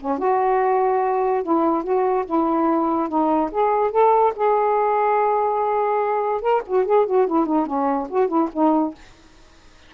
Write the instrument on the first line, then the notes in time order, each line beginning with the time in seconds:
saxophone
0.00 C#4
0.19 F#4
1.43 E4
1.84 F#4
2.26 E4
3.09 D#4
3.52 G#4
3.91 A4
4.36 G#4
6.42 A#4
6.67 F#4
6.86 G#4
7.06 F#4
7.27 E4
7.46 D#4
7.66 C#4
8.10 F#4
8.28 E4
8.53 D#4